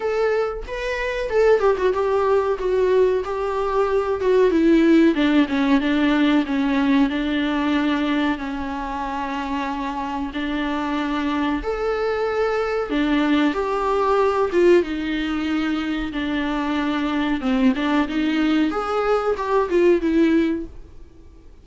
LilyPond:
\new Staff \with { instrumentName = "viola" } { \time 4/4 \tempo 4 = 93 a'4 b'4 a'8 g'16 fis'16 g'4 | fis'4 g'4. fis'8 e'4 | d'8 cis'8 d'4 cis'4 d'4~ | d'4 cis'2. |
d'2 a'2 | d'4 g'4. f'8 dis'4~ | dis'4 d'2 c'8 d'8 | dis'4 gis'4 g'8 f'8 e'4 | }